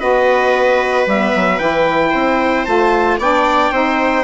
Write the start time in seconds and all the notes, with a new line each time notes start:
0.00 B3 F#4 B4 D#5
1.07 G3 B3 E5
1.36 F#3
1.59 E3 E4 G5
2.10 C4 C5
2.66 A3 F4 A5
3.19 B3 D4 D5 G5
3.72 C4 D#4 C5